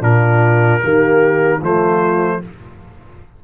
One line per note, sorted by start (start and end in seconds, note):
0.00 0.80 A#2
0.00 0.80 D4
0.00 0.81 F4
0.00 1.62 A#4
0.80 1.61 D#3
0.80 1.60 A#3
0.80 1.58 G4
1.58 2.41 F3
1.58 2.41 A3
1.58 2.38 F4
1.58 2.44 C5